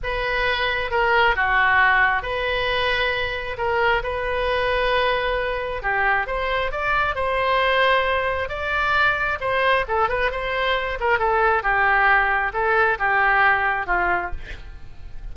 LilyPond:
\new Staff \with { instrumentName = "oboe" } { \time 4/4 \tempo 4 = 134 b'2 ais'4 fis'4~ | fis'4 b'2. | ais'4 b'2.~ | b'4 g'4 c''4 d''4 |
c''2. d''4~ | d''4 c''4 a'8 b'8 c''4~ | c''8 ais'8 a'4 g'2 | a'4 g'2 f'4 | }